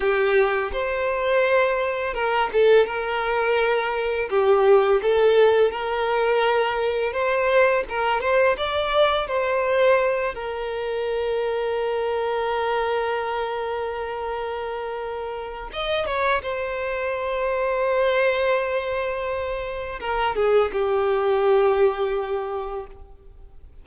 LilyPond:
\new Staff \with { instrumentName = "violin" } { \time 4/4 \tempo 4 = 84 g'4 c''2 ais'8 a'8 | ais'2 g'4 a'4 | ais'2 c''4 ais'8 c''8 | d''4 c''4. ais'4.~ |
ais'1~ | ais'2 dis''8 cis''8 c''4~ | c''1 | ais'8 gis'8 g'2. | }